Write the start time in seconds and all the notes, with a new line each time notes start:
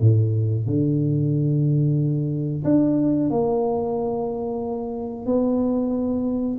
0.00 A2
0.66 D3
2.64 D4
3.30 A#3
5.25 B3